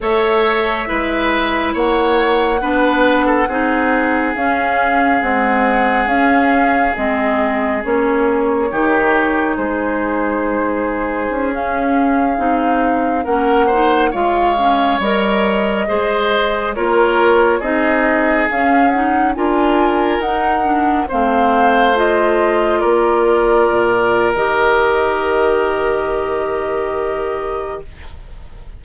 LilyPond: <<
  \new Staff \with { instrumentName = "flute" } { \time 4/4 \tempo 4 = 69 e''2 fis''2~ | fis''4 f''4 fis''4 f''4 | dis''4 cis''2 c''4~ | c''4~ c''16 f''2 fis''8.~ |
fis''16 f''4 dis''2 cis''8.~ | cis''16 dis''4 f''8 fis''8 gis''4 fis''8.~ | fis''16 f''4 dis''4 d''4.~ d''16 | dis''1 | }
  \new Staff \with { instrumentName = "oboe" } { \time 4/4 cis''4 b'4 cis''4 b'8. a'16 | gis'1~ | gis'2 g'4 gis'4~ | gis'2.~ gis'16 ais'8 c''16~ |
c''16 cis''2 c''4 ais'8.~ | ais'16 gis'2 ais'4.~ ais'16~ | ais'16 c''2 ais'4.~ ais'16~ | ais'1 | }
  \new Staff \with { instrumentName = "clarinet" } { \time 4/4 a'4 e'2 d'4 | dis'4 cis'4 gis4 cis'4 | c'4 cis'4 dis'2~ | dis'4~ dis'16 cis'4 dis'4 cis'8 dis'16~ |
dis'16 f'8 cis'8 ais'4 gis'4 f'8.~ | f'16 dis'4 cis'8 dis'8 f'4 dis'8 d'16~ | d'16 c'4 f'2~ f'8. | g'1 | }
  \new Staff \with { instrumentName = "bassoon" } { \time 4/4 a4 gis4 ais4 b4 | c'4 cis'4 c'4 cis'4 | gis4 ais4 dis4 gis4~ | gis4 cis'4~ cis'16 c'4 ais8.~ |
ais16 gis4 g4 gis4 ais8.~ | ais16 c'4 cis'4 d'4 dis'8.~ | dis'16 a2 ais4 ais,8. | dis1 | }
>>